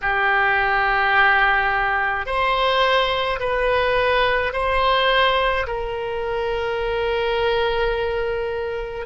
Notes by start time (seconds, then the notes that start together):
0.01 G4
2.26 C5
3.40 B4
4.53 C5
5.66 A#4